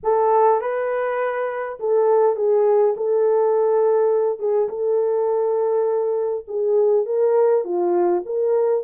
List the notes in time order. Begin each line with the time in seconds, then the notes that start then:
0.03 A4
0.61 B4
1.79 A4
2.36 G#4
2.96 A4
4.39 G#4
4.68 A4
6.47 G#4
7.05 A#4
7.64 F4
8.25 A#4